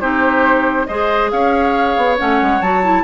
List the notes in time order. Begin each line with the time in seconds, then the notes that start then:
0.00 C4 D#4 G4 C5
0.87 G#3 G#4 C5 D#5
1.30 C#4 C#5 F5
1.96 B3
2.17 A3 C#4 F#5
2.41 G#3
2.60 F#3 F#4 A5
2.83 E4